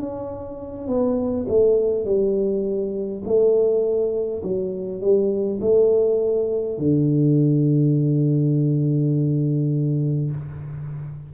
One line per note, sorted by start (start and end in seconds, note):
0.00 0.88 C#4
0.88 1.47 B3
1.49 2.05 A3
2.05 3.23 G3
3.25 4.43 A3
4.43 5.01 F#3
5.01 5.60 G3
5.61 6.79 A3
6.79 10.32 D3